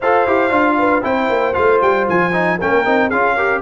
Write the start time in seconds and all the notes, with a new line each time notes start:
0.00 F4 A4 C5 F5
0.26 E4 G4
0.50 D4 F4
0.78 B4
1.02 C4 E4 C5 G5
1.29 A#3
1.53 A3 F4 F5
1.81 G3 G5
2.08 F3 G#5
2.33 D#4
2.57 A#3 C#4 A#4 G5
2.85 C4 D#4
3.08 C#4 F4 G#4 F5
3.35 G4 A#4